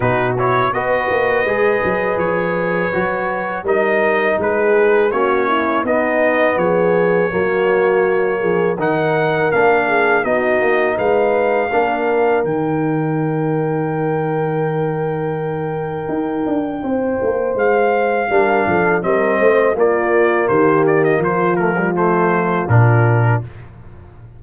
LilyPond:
<<
  \new Staff \with { instrumentName = "trumpet" } { \time 4/4 \tempo 4 = 82 b'8 cis''8 dis''2 cis''4~ | cis''4 dis''4 b'4 cis''4 | dis''4 cis''2. | fis''4 f''4 dis''4 f''4~ |
f''4 g''2.~ | g''1 | f''2 dis''4 d''4 | c''8 d''16 dis''16 c''8 ais'8 c''4 ais'4 | }
  \new Staff \with { instrumentName = "horn" } { \time 4/4 fis'4 b'2.~ | b'4 ais'4 gis'4 fis'8 e'8 | dis'4 gis'4 fis'4. gis'8 | ais'4. gis'8 fis'4 b'4 |
ais'1~ | ais'2. c''4~ | c''4 ais'8 a'8 ais'8 c''8 f'4 | g'4 f'2. | }
  \new Staff \with { instrumentName = "trombone" } { \time 4/4 dis'8 e'8 fis'4 gis'2 | fis'4 dis'2 cis'4 | b2 ais2 | dis'4 d'4 dis'2 |
d'4 dis'2.~ | dis'1~ | dis'4 d'4 c'4 ais4~ | ais4. a16 g16 a4 d'4 | }
  \new Staff \with { instrumentName = "tuba" } { \time 4/4 b,4 b8 ais8 gis8 fis8 f4 | fis4 g4 gis4 ais4 | b4 f4 fis4. f8 | dis4 ais4 b8 ais8 gis4 |
ais4 dis2.~ | dis2 dis'8 d'8 c'8 ais8 | gis4 g8 f8 g8 a8 ais4 | dis4 f2 ais,4 | }
>>